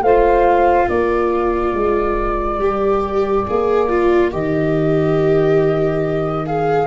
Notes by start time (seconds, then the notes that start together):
0.00 A3 F4 C5 F5
0.87 A#3 A#4 D5
1.73 G#3
2.58 G3 G4
3.47 A#3 G#4
3.89 F4
4.31 D#3 G4 D#5
6.46 G#4 F5